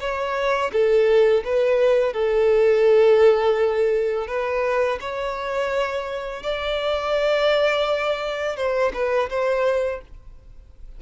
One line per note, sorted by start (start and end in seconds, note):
0.00 0.71 C#5
0.72 1.44 A4
1.44 2.13 B4
2.13 4.27 A4
4.27 4.98 B4
5.00 6.43 C#5
6.43 8.56 D5
8.56 8.92 C5
8.94 9.29 B4
9.30 10.01 C5